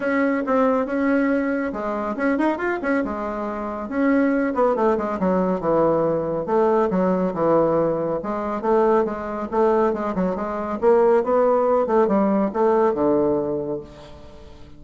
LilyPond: \new Staff \with { instrumentName = "bassoon" } { \time 4/4 \tempo 4 = 139 cis'4 c'4 cis'2 | gis4 cis'8 dis'8 f'8 cis'8 gis4~ | gis4 cis'4. b8 a8 gis8 | fis4 e2 a4 |
fis4 e2 gis4 | a4 gis4 a4 gis8 fis8 | gis4 ais4 b4. a8 | g4 a4 d2 | }